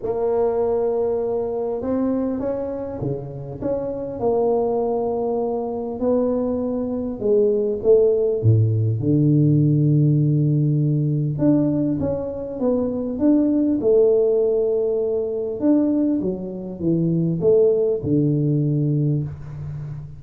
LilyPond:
\new Staff \with { instrumentName = "tuba" } { \time 4/4 \tempo 4 = 100 ais2. c'4 | cis'4 cis4 cis'4 ais4~ | ais2 b2 | gis4 a4 a,4 d4~ |
d2. d'4 | cis'4 b4 d'4 a4~ | a2 d'4 fis4 | e4 a4 d2 | }